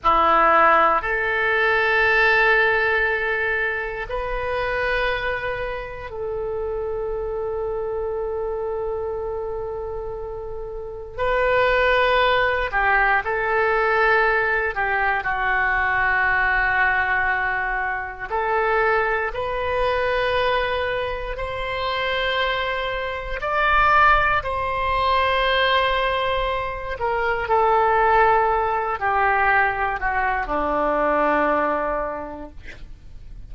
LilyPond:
\new Staff \with { instrumentName = "oboe" } { \time 4/4 \tempo 4 = 59 e'4 a'2. | b'2 a'2~ | a'2. b'4~ | b'8 g'8 a'4. g'8 fis'4~ |
fis'2 a'4 b'4~ | b'4 c''2 d''4 | c''2~ c''8 ais'8 a'4~ | a'8 g'4 fis'8 d'2 | }